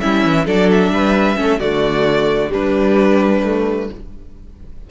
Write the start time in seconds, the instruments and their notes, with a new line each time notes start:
0.00 cello G3, viola C#4, violin E4 E5
0.25 cello E3
0.46 cello F#3, viola D4, violin A4 D5
0.71 violin E5
0.91 cello G3, violin B4
1.36 cello A3, viola C#4
1.42 violin A4
1.59 cello D3, viola A3, violin F#4 D5
2.50 viola G3, cello G3, violin D4 B4
3.44 viola A3